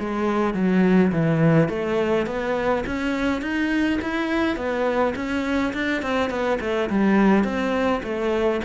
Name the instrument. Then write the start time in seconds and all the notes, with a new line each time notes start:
cello
0.00 G#3
0.54 F#3
1.12 E3
1.69 A3
2.27 B3
2.87 C#4
3.42 D#4
4.02 E4
4.57 B3
5.16 C#4
5.74 D4
6.02 C4
6.30 B3
6.61 A3
6.90 G3
7.44 C4
8.03 A3